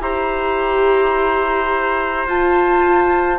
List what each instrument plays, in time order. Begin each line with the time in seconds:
0.00 bassoon E4, viola G4, trumpet C5, flute A#5
2.26 bassoon F4, viola F4, flute A5